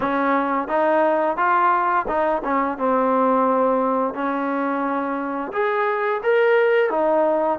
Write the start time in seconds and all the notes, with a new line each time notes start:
0.00 C#4
0.67 D#4
1.36 F4
2.08 D#4
2.44 C#4
2.77 C4
4.13 C#4
5.52 G#4
6.23 A#4
6.90 D#4